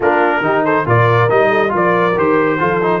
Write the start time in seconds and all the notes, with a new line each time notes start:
0.00 A#3 D4 F4 A#4
0.40 D#3 D#4 G4
0.64 A4 C5
0.86 A#2 F4 A#4 D5
1.29 G3 D#4 D#5
1.49 A4
1.69 F3 F4 A#4
1.75 D5
2.16 D#3 G4 C5
2.59 F3 F4 A4
2.81 D#4